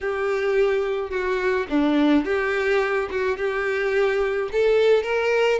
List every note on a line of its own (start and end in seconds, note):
0.00 1.10 G4
1.10 1.66 F#4
1.69 2.24 D4
2.24 3.08 G4
3.10 3.37 F#4
3.37 4.49 G4
4.51 5.03 A4
5.03 5.59 A#4